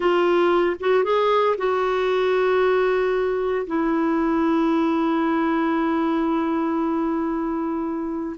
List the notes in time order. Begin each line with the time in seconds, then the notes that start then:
0.00 F4
0.80 F#4
1.03 G#4
1.57 F#4
3.66 E4